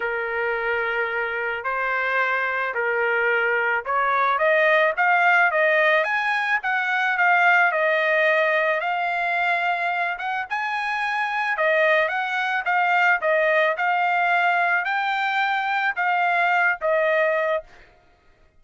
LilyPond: \new Staff \with { instrumentName = "trumpet" } { \time 4/4 \tempo 4 = 109 ais'2. c''4~ | c''4 ais'2 cis''4 | dis''4 f''4 dis''4 gis''4 | fis''4 f''4 dis''2 |
f''2~ f''8 fis''8 gis''4~ | gis''4 dis''4 fis''4 f''4 | dis''4 f''2 g''4~ | g''4 f''4. dis''4. | }